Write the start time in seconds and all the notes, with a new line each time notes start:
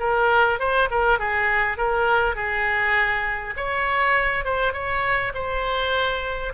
0.00 A#4
0.59 C5
0.91 A#4
1.19 G#4
1.78 A#4
2.36 G#4
3.57 C#5
4.45 C5
4.74 C#5
5.35 C5